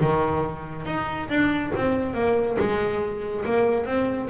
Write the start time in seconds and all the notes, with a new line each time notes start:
0.00 D#3
0.85 D#4
1.29 D4
1.75 C4
2.14 A#3
2.59 G#3
3.45 A#3
3.85 C4